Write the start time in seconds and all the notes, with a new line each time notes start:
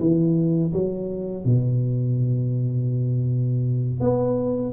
0.00 E3
0.73 F#3
1.45 B2
4.00 B3